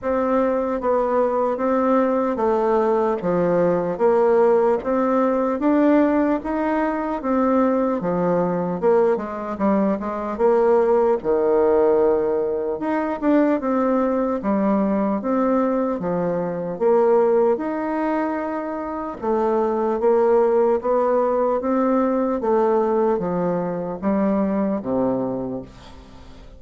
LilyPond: \new Staff \with { instrumentName = "bassoon" } { \time 4/4 \tempo 4 = 75 c'4 b4 c'4 a4 | f4 ais4 c'4 d'4 | dis'4 c'4 f4 ais8 gis8 | g8 gis8 ais4 dis2 |
dis'8 d'8 c'4 g4 c'4 | f4 ais4 dis'2 | a4 ais4 b4 c'4 | a4 f4 g4 c4 | }